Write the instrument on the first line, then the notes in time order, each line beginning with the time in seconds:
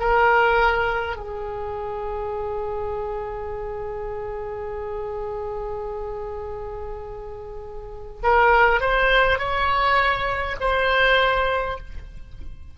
oboe
0.00 A#4
1.17 G#4
8.24 A#4
8.81 C5
9.39 C#5
10.60 C5